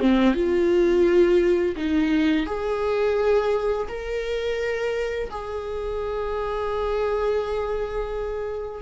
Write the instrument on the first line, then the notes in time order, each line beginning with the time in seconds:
viola
0.00 C4
0.35 F4
1.76 D#4
2.47 G#4
3.89 A#4
5.31 G#4